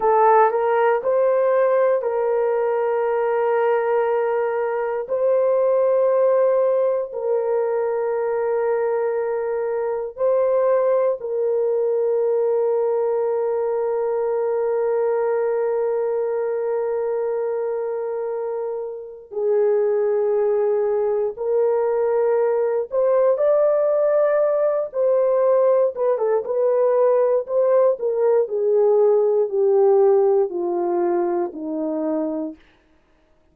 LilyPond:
\new Staff \with { instrumentName = "horn" } { \time 4/4 \tempo 4 = 59 a'8 ais'8 c''4 ais'2~ | ais'4 c''2 ais'4~ | ais'2 c''4 ais'4~ | ais'1~ |
ais'2. gis'4~ | gis'4 ais'4. c''8 d''4~ | d''8 c''4 b'16 a'16 b'4 c''8 ais'8 | gis'4 g'4 f'4 dis'4 | }